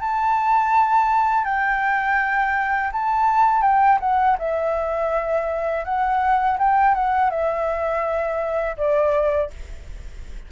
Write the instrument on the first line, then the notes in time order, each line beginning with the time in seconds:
flute
0.00 A5
1.45 G5
2.92 A5
3.62 G5
4.00 F#5
4.39 E5
5.85 F#5
6.59 G5
6.95 F#5
7.30 E5
8.77 D5